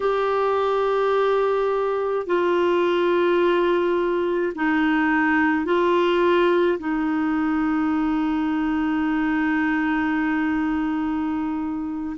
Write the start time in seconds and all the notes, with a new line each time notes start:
0.00 G4
2.26 F4
4.55 D#4
5.65 F4
6.78 D#4